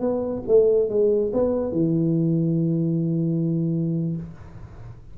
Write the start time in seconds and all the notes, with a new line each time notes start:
0.00 B3
0.47 A3
0.89 G#3
1.33 B3
1.72 E3